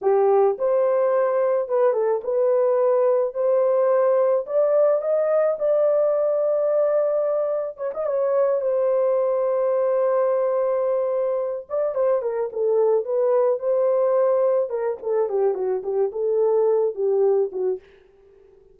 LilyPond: \new Staff \with { instrumentName = "horn" } { \time 4/4 \tempo 4 = 108 g'4 c''2 b'8 a'8 | b'2 c''2 | d''4 dis''4 d''2~ | d''2 cis''16 dis''16 cis''4 c''8~ |
c''1~ | c''4 d''8 c''8 ais'8 a'4 b'8~ | b'8 c''2 ais'8 a'8 g'8 | fis'8 g'8 a'4. g'4 fis'8 | }